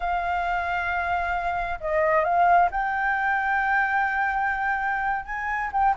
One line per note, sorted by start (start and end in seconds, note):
0.00 1.79 F5
1.80 2.24 D#5
2.24 2.69 F5
2.71 5.25 G5
5.25 5.70 G#5
5.72 5.95 G5